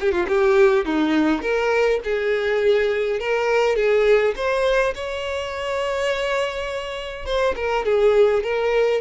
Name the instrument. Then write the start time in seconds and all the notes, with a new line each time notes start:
violin
0.00 G4
0.12 F4
0.28 G4
0.85 D#4
1.42 A#4
2.04 G#4
3.20 A#4
3.76 G#4
4.36 C5
4.95 C#5
7.26 C5
7.56 A#4
7.85 G#4
8.43 A#4